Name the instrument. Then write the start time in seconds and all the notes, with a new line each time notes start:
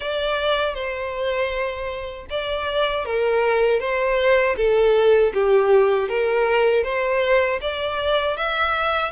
violin
0.00 D5
0.74 C5
2.30 D5
3.05 A#4
3.80 C5
4.56 A4
5.33 G4
6.09 A#4
6.83 C5
7.61 D5
8.36 E5